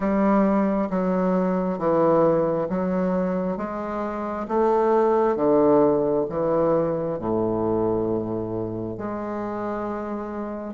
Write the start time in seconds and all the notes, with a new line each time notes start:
0.00 G3
0.90 F#3
1.78 E3
2.69 F#3
3.57 G#3
4.48 A3
5.35 D3
6.29 E3
7.18 A2
8.98 G#3